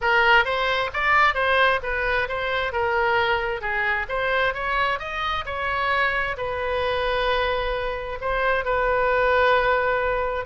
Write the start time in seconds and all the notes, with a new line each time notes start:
0.01 A#4
0.44 C5
0.93 D5
1.34 C5
1.82 B4
2.28 C5
2.72 A#4
3.61 G#4
4.08 C5
4.53 C#5
4.99 D#5
5.45 C#5
6.37 B4
8.20 C5
8.64 B4